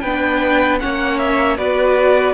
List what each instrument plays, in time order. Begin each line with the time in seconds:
0.00 cello B3, viola D4, violin B4 G5
0.80 cello A#3, viola C#4, violin C#5 F#5
1.18 violin E5
1.57 cello B3, viola F#4, violin B4 D5